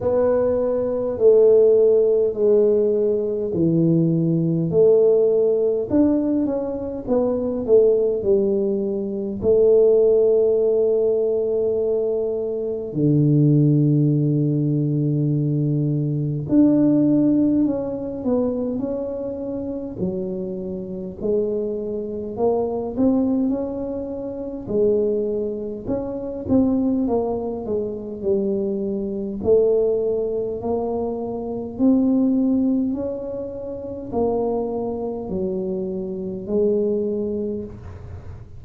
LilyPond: \new Staff \with { instrumentName = "tuba" } { \time 4/4 \tempo 4 = 51 b4 a4 gis4 e4 | a4 d'8 cis'8 b8 a8 g4 | a2. d4~ | d2 d'4 cis'8 b8 |
cis'4 fis4 gis4 ais8 c'8 | cis'4 gis4 cis'8 c'8 ais8 gis8 | g4 a4 ais4 c'4 | cis'4 ais4 fis4 gis4 | }